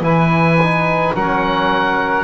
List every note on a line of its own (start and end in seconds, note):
0.00 1.11 E3
0.00 0.57 E4
0.00 1.14 B4
0.00 1.15 G#5
0.62 1.16 D#4
1.14 2.24 F#3
1.14 2.24 C#4
1.14 2.24 A#4
1.14 2.24 F#5